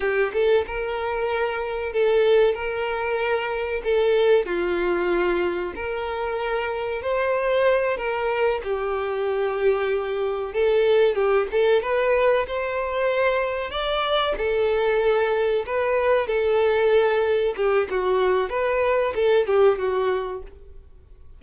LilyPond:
\new Staff \with { instrumentName = "violin" } { \time 4/4 \tempo 4 = 94 g'8 a'8 ais'2 a'4 | ais'2 a'4 f'4~ | f'4 ais'2 c''4~ | c''8 ais'4 g'2~ g'8~ |
g'8 a'4 g'8 a'8 b'4 c''8~ | c''4. d''4 a'4.~ | a'8 b'4 a'2 g'8 | fis'4 b'4 a'8 g'8 fis'4 | }